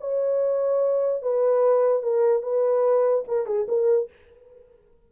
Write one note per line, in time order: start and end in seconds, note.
0.00 1.22 C#5
1.22 2.03 B4
2.03 2.42 A#4
2.42 3.24 B4
3.28 3.46 A#4
3.46 3.67 G#4
3.68 4.09 A#4